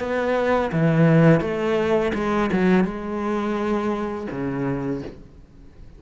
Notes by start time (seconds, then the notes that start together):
0.00 B3
0.72 E3
1.41 A3
2.15 G#3
2.53 F#3
2.84 G#3
4.31 C#3